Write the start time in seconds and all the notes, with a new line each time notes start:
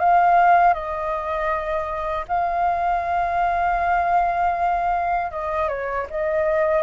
0.00 F5
0.74 D#5
2.28 F5
5.32 D#5
5.69 C#5
6.10 D#5